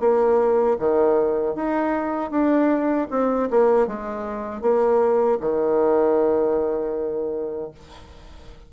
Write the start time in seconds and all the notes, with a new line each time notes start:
0.00 A#3
0.79 D#3
1.55 D#4
2.31 D4
3.10 C4
3.51 A#3
3.87 G#3
4.62 A#3
5.41 D#3